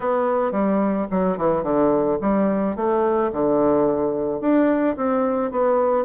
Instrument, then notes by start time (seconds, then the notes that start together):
bassoon
0.00 B3
0.51 G3
1.10 F#3
1.37 E3
1.63 D3
2.21 G3
2.75 A3
3.32 D3
4.40 D4
4.96 C4
5.51 B3